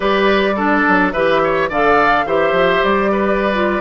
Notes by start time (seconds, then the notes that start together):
0.00 G3 G4 B4 D5
0.56 D4 A4
0.88 F#3
1.12 E3 G4 B4 E5
1.43 C#5
1.69 D3 A4 D5 F5
2.25 E3 G4 C5 E5
2.52 F3
2.83 G3 D5
3.11 B4
3.53 F4